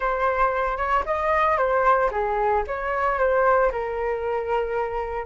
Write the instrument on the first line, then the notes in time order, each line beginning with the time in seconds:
flute
0.00 C5
0.77 C#5
1.05 D#5
1.57 C5
2.11 G#4
2.67 C#5
3.18 C5
3.71 A#4